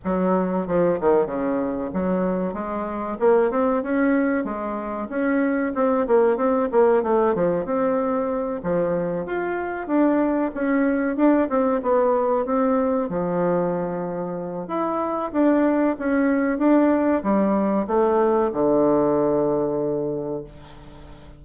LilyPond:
\new Staff \with { instrumentName = "bassoon" } { \time 4/4 \tempo 4 = 94 fis4 f8 dis8 cis4 fis4 | gis4 ais8 c'8 cis'4 gis4 | cis'4 c'8 ais8 c'8 ais8 a8 f8 | c'4. f4 f'4 d'8~ |
d'8 cis'4 d'8 c'8 b4 c'8~ | c'8 f2~ f8 e'4 | d'4 cis'4 d'4 g4 | a4 d2. | }